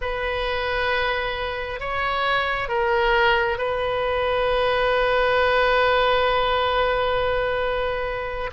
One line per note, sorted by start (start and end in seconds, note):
0.01 1.80 B4
1.80 2.68 C#5
2.68 3.57 A#4
3.58 8.50 B4